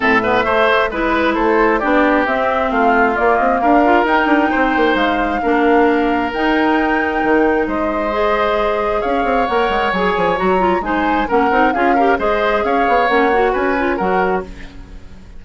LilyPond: <<
  \new Staff \with { instrumentName = "flute" } { \time 4/4 \tempo 4 = 133 e''2 b'4 c''4 | d''4 e''4 f''4 d''8 dis''8 | f''4 g''2 f''4~ | f''2 g''2~ |
g''4 dis''2. | f''4 fis''4 gis''4 ais''4 | gis''4 fis''4 f''4 dis''4 | f''4 fis''4 gis''4 fis''4 | }
  \new Staff \with { instrumentName = "oboe" } { \time 4/4 a'8 b'8 c''4 b'4 a'4 | g'2 f'2 | ais'2 c''2 | ais'1~ |
ais'4 c''2. | cis''1 | c''4 ais'4 gis'8 ais'8 c''4 | cis''2 b'4 ais'4 | }
  \new Staff \with { instrumentName = "clarinet" } { \time 4/4 c'8 b8 a4 e'2 | d'4 c'2 ais4~ | ais8 f'8 dis'2. | d'2 dis'2~ |
dis'2 gis'2~ | gis'4 ais'4 gis'4 fis'8 f'8 | dis'4 cis'8 dis'8 f'8 g'8 gis'4~ | gis'4 cis'8 fis'4 f'8 fis'4 | }
  \new Staff \with { instrumentName = "bassoon" } { \time 4/4 a,4 a4 gis4 a4 | b4 c'4 a4 ais8 c'8 | d'4 dis'8 d'8 c'8 ais8 gis4 | ais2 dis'2 |
dis4 gis2. | cis'8 c'8 ais8 gis8 fis8 f8 fis4 | gis4 ais8 c'8 cis'4 gis4 | cis'8 b8 ais4 cis'4 fis4 | }
>>